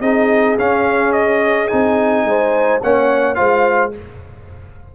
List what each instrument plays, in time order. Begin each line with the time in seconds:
0.00 tuba C4, trombone D#4, horn G#4, trumpet D#5
0.58 tuba C#4, trombone C#4, trumpet F5
1.12 trumpet D#5
1.67 tuba C4, trombone D#4, trumpet G#5
2.23 tuba G#3, horn C5
2.82 tuba A#3, trombone C#4, horn C#5, trumpet F#5
3.35 tuba G#3, trombone F4, horn C5, trumpet F5